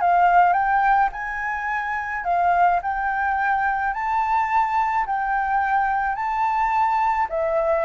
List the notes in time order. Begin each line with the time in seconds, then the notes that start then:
0.00 F5
0.53 G5
1.12 G#5
2.24 F5
2.82 G5
3.94 A5
5.06 G5
6.15 A5
7.29 E5